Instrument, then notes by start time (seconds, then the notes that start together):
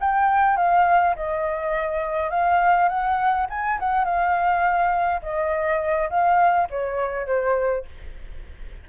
flute
0.00 G5
0.56 F5
1.15 D#5
2.30 F5
2.88 F#5
3.50 G#5
3.79 F#5
4.04 F5
5.22 D#5
6.09 F5
6.70 C#5
7.26 C5